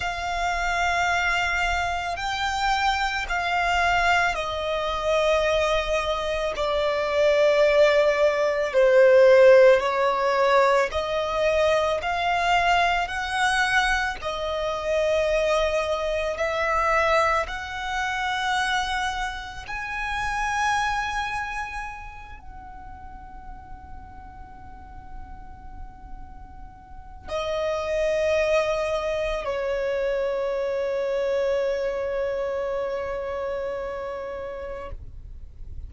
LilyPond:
\new Staff \with { instrumentName = "violin" } { \time 4/4 \tempo 4 = 55 f''2 g''4 f''4 | dis''2 d''2 | c''4 cis''4 dis''4 f''4 | fis''4 dis''2 e''4 |
fis''2 gis''2~ | gis''8 fis''2.~ fis''8~ | fis''4 dis''2 cis''4~ | cis''1 | }